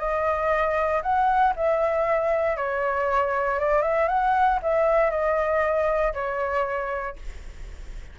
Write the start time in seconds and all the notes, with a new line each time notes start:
0.00 D#5
1.03 F#5
1.56 E5
2.57 C#5
3.60 D5
3.83 E5
4.09 F#5
4.63 E5
5.11 D#5
6.14 C#5